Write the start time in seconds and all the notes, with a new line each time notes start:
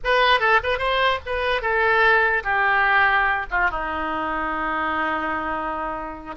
0.04 B4
0.40 A4
0.63 B4
0.78 C5
1.26 B4
1.61 A4
2.43 G4
3.50 F4
3.70 D#4